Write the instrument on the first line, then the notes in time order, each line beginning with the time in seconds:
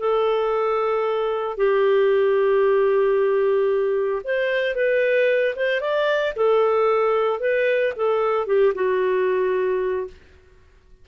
clarinet
0.00 A4
1.57 G4
4.24 C5
4.75 B4
5.56 C5
5.81 D5
6.36 A4
7.40 B4
7.97 A4
8.47 G4
8.75 F#4